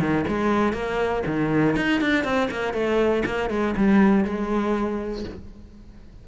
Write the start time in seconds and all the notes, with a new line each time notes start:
0.00 D#3
0.28 G#3
0.73 A#3
1.26 D#3
1.76 D#4
2.01 D4
2.24 C4
2.51 A#3
2.74 A3
3.26 A#3
3.50 G#3
3.77 G3
4.25 G#3